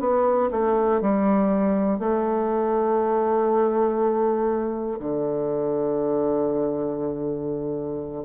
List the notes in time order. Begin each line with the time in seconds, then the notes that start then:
0.00 B3
0.51 A3
1.01 G3
1.99 A3
5.00 D3